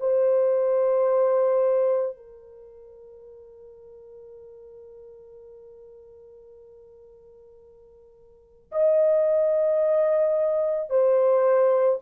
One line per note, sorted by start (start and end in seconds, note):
0.00 2.17 C5
2.17 8.71 A#4
8.72 10.90 D#5
10.90 11.99 C5